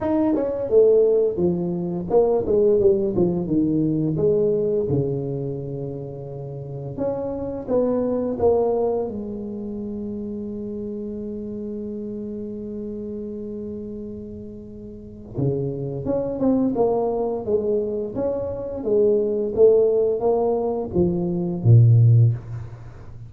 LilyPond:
\new Staff \with { instrumentName = "tuba" } { \time 4/4 \tempo 4 = 86 dis'8 cis'8 a4 f4 ais8 gis8 | g8 f8 dis4 gis4 cis4~ | cis2 cis'4 b4 | ais4 gis2.~ |
gis1~ | gis2 cis4 cis'8 c'8 | ais4 gis4 cis'4 gis4 | a4 ais4 f4 ais,4 | }